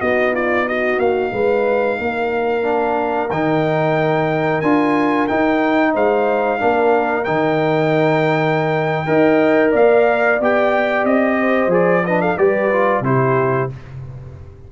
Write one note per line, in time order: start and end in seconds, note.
0.00 0.98 B3
0.00 2.62 D#4
0.00 0.33 F#4
0.00 0.33 D#5
0.33 0.66 F4
0.33 0.68 D5
0.67 1.32 F#4
0.67 0.99 D#5
0.98 1.31 A#3
0.98 3.30 F5
1.32 1.98 G#3
1.32 1.98 B4
1.98 3.30 A#3
1.98 5.93 A#4
2.62 3.28 D4
3.30 4.62 D#3
3.30 4.63 D#4
3.30 4.61 G5
4.61 5.28 D4
4.61 5.29 F4
4.61 5.27 G#5
5.27 6.58 D#4
5.27 5.95 D#4
5.27 5.93 G5
5.93 6.61 G#3
5.93 6.59 C5
5.93 7.24 F5
6.58 7.27 A#3
6.58 7.24 D4
6.58 9.07 A#4
7.24 9.07 D#3
7.24 9.06 D#4
7.24 9.71 G5
9.06 9.73 D#4
9.06 10.38 A#4
9.06 9.71 D#5
9.71 10.39 A#3
9.71 11.36 D5
9.71 10.41 F5
10.40 11.04 B3
10.40 11.70 G4
10.40 11.05 G5
11.04 11.67 C4
11.04 11.71 D#5
11.40 12.05 C5
11.67 12.33 F3
11.67 12.03 G#4
11.73 12.05 D5
12.05 12.38 D4
12.05 12.21 B4
12.05 12.21 D#5
12.21 12.37 A4
12.21 12.37 F5
12.37 13.00 G3
12.37 12.71 G4
12.37 13.04 B4
12.37 13.03 D5
12.71 13.03 F4
13.00 13.66 C3
13.00 13.69 E4
13.00 13.71 G4
13.00 13.70 C5